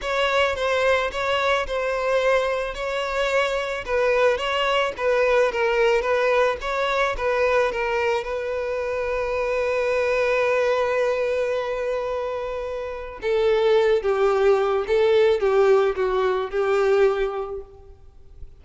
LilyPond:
\new Staff \with { instrumentName = "violin" } { \time 4/4 \tempo 4 = 109 cis''4 c''4 cis''4 c''4~ | c''4 cis''2 b'4 | cis''4 b'4 ais'4 b'4 | cis''4 b'4 ais'4 b'4~ |
b'1~ | b'1 | a'4. g'4. a'4 | g'4 fis'4 g'2 | }